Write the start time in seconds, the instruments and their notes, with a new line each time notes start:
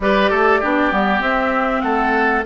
0.00 bassoon G3, clarinet G4, oboe B4, flute D5
0.30 bassoon A3, oboe A4
0.60 bassoon B3, clarinet D4, oboe G4
0.91 bassoon G3, clarinet B3
1.20 bassoon C4, clarinet C4, flute E5
1.80 bassoon A3, oboe A4, flute F#5